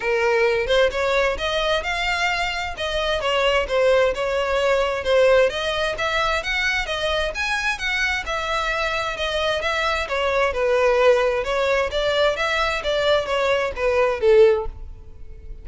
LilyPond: \new Staff \with { instrumentName = "violin" } { \time 4/4 \tempo 4 = 131 ais'4. c''8 cis''4 dis''4 | f''2 dis''4 cis''4 | c''4 cis''2 c''4 | dis''4 e''4 fis''4 dis''4 |
gis''4 fis''4 e''2 | dis''4 e''4 cis''4 b'4~ | b'4 cis''4 d''4 e''4 | d''4 cis''4 b'4 a'4 | }